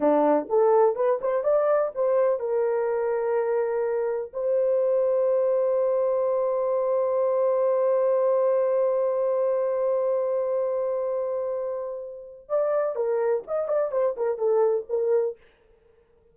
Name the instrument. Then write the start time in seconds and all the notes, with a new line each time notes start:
horn
0.00 D4
0.49 A4
0.95 B4
1.21 C5
1.43 D5
1.94 C5
2.39 A#4
4.33 C5
12.48 D5
12.95 A#4
13.47 D#5
13.68 D5
13.91 C5
14.16 A#4
14.38 A4
14.89 A#4